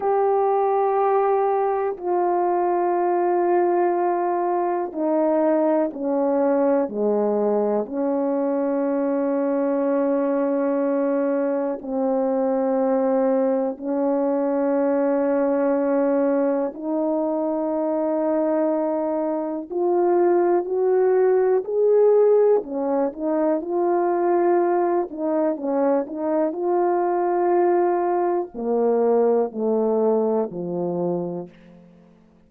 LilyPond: \new Staff \with { instrumentName = "horn" } { \time 4/4 \tempo 4 = 61 g'2 f'2~ | f'4 dis'4 cis'4 gis4 | cis'1 | c'2 cis'2~ |
cis'4 dis'2. | f'4 fis'4 gis'4 cis'8 dis'8 | f'4. dis'8 cis'8 dis'8 f'4~ | f'4 ais4 a4 f4 | }